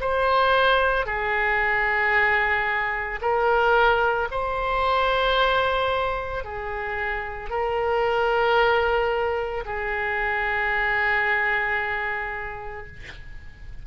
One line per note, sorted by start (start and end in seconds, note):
0.00 1.05 C5
1.05 3.19 G#4
3.21 4.28 A#4
4.31 6.44 C5
6.44 7.50 G#4
7.50 9.64 A#4
9.65 12.86 G#4